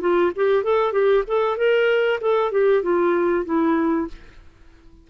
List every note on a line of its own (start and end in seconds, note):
0.00 0.31 F4
0.35 0.63 G4
0.63 0.92 A4
0.92 1.23 G4
1.27 1.57 A4
1.57 2.19 A#4
2.20 2.51 A4
2.51 2.82 G4
2.82 3.45 F4
3.45 4.07 E4